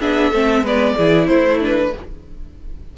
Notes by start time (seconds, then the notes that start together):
0.00 B3 D4 G#4 E5
0.31 A3 C4 A4
0.62 G#3 B3 B4 D5
0.96 E3 E4 G#4
1.27 A3 E4 C5
1.60 D4 B4